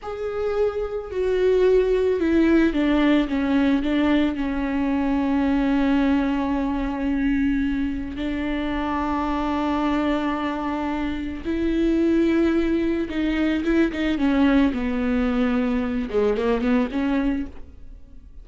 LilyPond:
\new Staff \with { instrumentName = "viola" } { \time 4/4 \tempo 4 = 110 gis'2 fis'2 | e'4 d'4 cis'4 d'4 | cis'1~ | cis'2. d'4~ |
d'1~ | d'4 e'2. | dis'4 e'8 dis'8 cis'4 b4~ | b4. gis8 ais8 b8 cis'4 | }